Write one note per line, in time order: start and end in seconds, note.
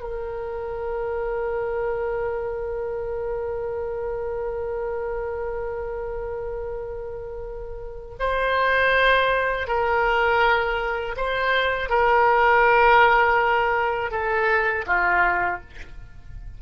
0.00 8.15 A#4
8.19 9.67 C5
9.67 11.15 A#4
11.16 11.89 C5
11.89 14.11 A#4
14.11 14.85 A4
14.86 15.60 F4